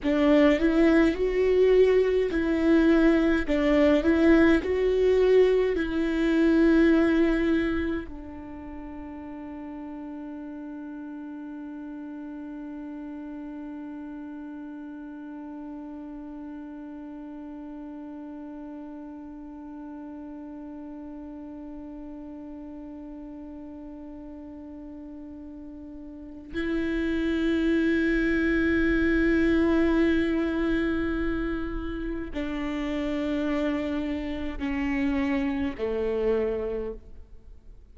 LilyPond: \new Staff \with { instrumentName = "viola" } { \time 4/4 \tempo 4 = 52 d'8 e'8 fis'4 e'4 d'8 e'8 | fis'4 e'2 d'4~ | d'1~ | d'1~ |
d'1~ | d'2. e'4~ | e'1 | d'2 cis'4 a4 | }